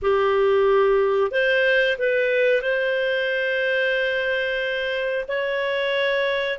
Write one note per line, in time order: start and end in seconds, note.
0.01 1.31 G4
1.31 1.97 C5
1.98 2.61 B4
2.61 5.25 C5
5.27 6.58 C#5